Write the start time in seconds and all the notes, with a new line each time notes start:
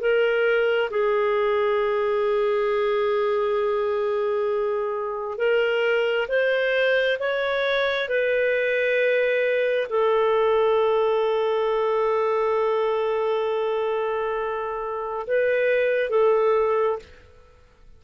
0.00 A#4
0.90 G#4
5.38 A#4
6.28 C5
7.19 C#5
8.08 B4
9.90 A4
15.27 B4
16.09 A4